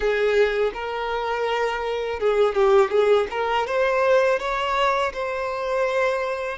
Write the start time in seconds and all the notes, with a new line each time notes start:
0.00 G#4
0.73 A#4
2.19 G#4
2.54 G4
2.90 G#4
3.30 A#4
3.67 C5
4.39 C#5
5.13 C5